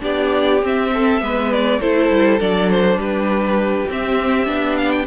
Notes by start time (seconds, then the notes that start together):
0.00 B3 D4 G4 D5
0.62 C4 E5
0.93 A4
1.20 G#3 B3 B4
1.52 D5
1.79 A3 E4 A4 C5
2.10 G3
2.39 F#3 D4 D5
2.70 C5
2.96 G3 G4 B4
3.88 C4 E5
4.46 B3 D4
4.77 F5
4.90 G5